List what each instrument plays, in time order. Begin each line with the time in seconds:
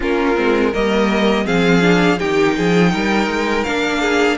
0.00 cello A#3, viola C#4, violin F4 A#4
0.35 cello G#3, viola C4
0.71 cello G3, viola A#3, violin A#4 D#5
1.45 cello F3, viola C4, violin G#4 F5
1.81 viola D4
2.18 cello D#3, viola D#4, violin G4 G5
2.56 cello F3, violin G#4
2.91 cello G3, violin A#4
3.27 cello G#3
3.63 cello A#3, viola D4, violin F5
4.00 violin G#4